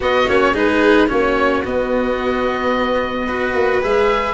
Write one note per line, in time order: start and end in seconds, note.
0.00 0.27 B3
0.00 0.28 B3
0.00 0.53 F#4
0.00 0.29 D#5
0.27 0.52 A#3
0.27 0.53 C#4
0.27 0.56 C#5
0.52 1.07 G#3
0.52 1.08 D#4
0.52 1.08 G#4
0.52 1.09 B4
1.08 1.66 A#3
1.08 1.62 C#4
1.08 3.26 F#4
1.08 1.63 C#5
1.64 3.28 B3
1.64 3.54 B3
1.64 3.83 D#5
3.26 3.81 F#4
3.26 4.34 B4
3.54 3.81 A#3
3.81 4.34 G#3
3.81 4.34 G#4
3.81 4.34 E5